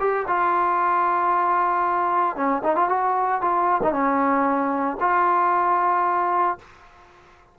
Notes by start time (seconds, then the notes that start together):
0.00 G4
0.28 F4
2.36 C#4
2.63 D#4
2.76 F4
2.89 F#4
3.42 F4
3.83 D#4
3.92 C#4
5.00 F4